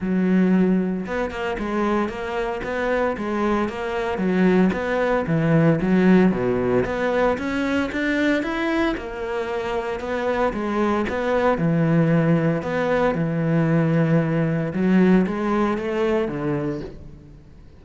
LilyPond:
\new Staff \with { instrumentName = "cello" } { \time 4/4 \tempo 4 = 114 fis2 b8 ais8 gis4 | ais4 b4 gis4 ais4 | fis4 b4 e4 fis4 | b,4 b4 cis'4 d'4 |
e'4 ais2 b4 | gis4 b4 e2 | b4 e2. | fis4 gis4 a4 d4 | }